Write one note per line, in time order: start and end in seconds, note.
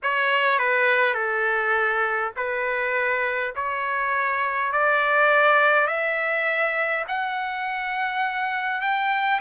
0.03 0.58 C#5
0.58 1.14 B4
1.14 2.32 A4
2.36 3.53 B4
3.55 4.72 C#5
4.72 5.87 D5
5.87 7.04 E5
7.07 8.81 F#5
8.81 9.40 G5